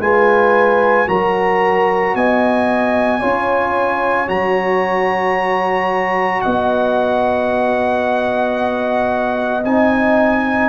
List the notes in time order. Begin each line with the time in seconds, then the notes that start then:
0.00 G#3 F4 B4 G#5
1.07 F#3 F#4 A#4 A#5
2.15 B3 D#5 G#5
3.19 C#4 F4 C#5
4.27 F#3 F#4 A#5
6.41 B3 D#5 F#5
9.65 C4 D#4 G#5